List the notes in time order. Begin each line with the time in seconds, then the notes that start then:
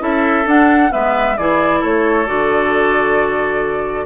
0.00 C#4 E4 A4 E5
0.46 D4 F#5
0.91 G#3 B3 B4 E5
1.38 E3 E4 G#4 D5
1.81 A3 A4 C#5
2.27 D3 F#4 D5